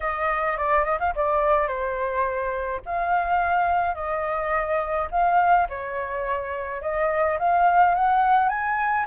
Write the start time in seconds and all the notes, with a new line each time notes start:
0.00 D#5
0.57 D5
0.84 D#5
0.99 F5
1.15 D5
1.67 C5
2.85 F5
3.94 D#5
5.11 F5
5.69 C#5
6.81 D#5
7.39 F5
7.94 F#5
8.49 G#5